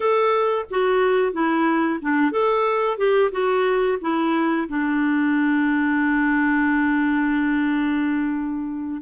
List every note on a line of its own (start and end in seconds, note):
0.00 0.65 A4
0.70 1.32 F#4
1.32 1.99 E4
2.01 2.31 D4
2.31 2.97 A4
2.97 3.31 G4
3.31 3.98 F#4
4.01 4.68 E4
4.68 9.01 D4